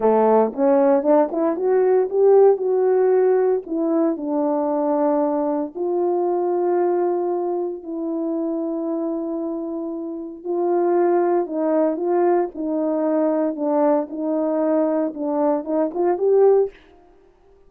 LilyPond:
\new Staff \with { instrumentName = "horn" } { \time 4/4 \tempo 4 = 115 a4 cis'4 d'8 e'8 fis'4 | g'4 fis'2 e'4 | d'2. f'4~ | f'2. e'4~ |
e'1 | f'2 dis'4 f'4 | dis'2 d'4 dis'4~ | dis'4 d'4 dis'8 f'8 g'4 | }